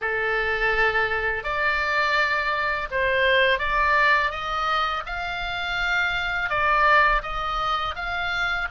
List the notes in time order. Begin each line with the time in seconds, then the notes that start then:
0.01 A4
1.43 D5
2.90 C5
3.58 D5
4.30 D#5
5.06 F5
6.49 D5
7.22 D#5
7.95 F5